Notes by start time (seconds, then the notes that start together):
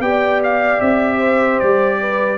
0.00 B3 G4 D5 G5
0.44 F5
0.81 C4 E5
1.18 C5
1.60 G3 D5
2.01 B4